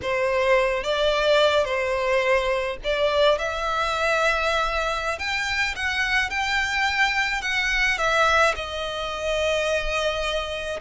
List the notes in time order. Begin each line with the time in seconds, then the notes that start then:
0.02 C5
0.83 D5
1.64 C5
2.84 D5
3.38 E5
5.18 G5
5.75 F#5
6.30 G5
7.41 F#5
7.98 E5
8.55 D#5